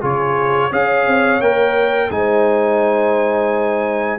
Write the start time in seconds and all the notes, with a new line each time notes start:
0.00 C#3 F4 G#4 C#5
0.70 C#4 G#4 C#5 F5
1.06 C4
1.40 A#3 A#4 G5
2.10 G#3 D#4 C5 G#5